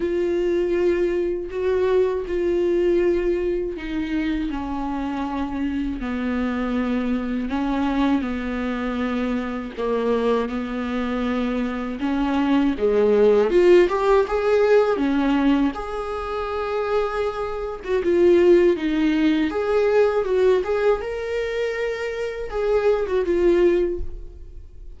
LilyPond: \new Staff \with { instrumentName = "viola" } { \time 4/4 \tempo 4 = 80 f'2 fis'4 f'4~ | f'4 dis'4 cis'2 | b2 cis'4 b4~ | b4 ais4 b2 |
cis'4 gis4 f'8 g'8 gis'4 | cis'4 gis'2~ gis'8. fis'16 | f'4 dis'4 gis'4 fis'8 gis'8 | ais'2 gis'8. fis'16 f'4 | }